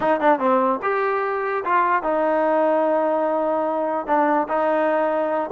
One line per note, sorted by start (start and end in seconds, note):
0.00 0.20 D#4
0.20 0.39 D4
0.39 0.80 C4
0.82 1.63 G4
1.64 2.02 F4
2.02 4.06 D#4
4.06 4.47 D4
4.48 5.50 D#4